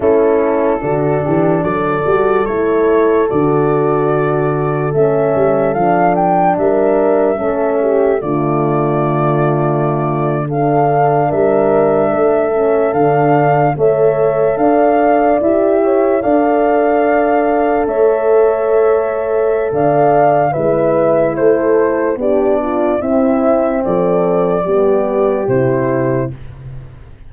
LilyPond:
<<
  \new Staff \with { instrumentName = "flute" } { \time 4/4 \tempo 4 = 73 a'2 d''4 cis''4 | d''2 e''4 f''8 g''8 | e''2 d''2~ | d''8. f''4 e''2 f''16~ |
f''8. e''4 f''4 e''4 f''16~ | f''4.~ f''16 e''2~ e''16 | f''4 e''4 c''4 d''4 | e''4 d''2 c''4 | }
  \new Staff \with { instrumentName = "horn" } { \time 4/4 e'4 fis'8 g'8 a'2~ | a'1 | ais'4 a'8 g'8 f'2~ | f'8. a'4 ais'4 a'4~ a'16~ |
a'8. cis''4 d''4. cis''8 d''16~ | d''4.~ d''16 cis''2~ cis''16 | d''4 b'4 a'4 g'8 f'8 | e'4 a'4 g'2 | }
  \new Staff \with { instrumentName = "horn" } { \time 4/4 cis'4 d'4. fis'8 e'4 | fis'2 cis'4 d'4~ | d'4 cis'4 a2~ | a8. d'2~ d'8 cis'8 d'16~ |
d'8. a'2 g'4 a'16~ | a'1~ | a'4 e'2 d'4 | c'2 b4 e'4 | }
  \new Staff \with { instrumentName = "tuba" } { \time 4/4 a4 d8 e8 fis8 g8 a4 | d2 a8 g8 f4 | g4 a4 d2~ | d4.~ d16 g4 a4 d16~ |
d8. a4 d'4 e'4 d'16~ | d'4.~ d'16 a2~ a16 | d4 gis4 a4 b4 | c'4 f4 g4 c4 | }
>>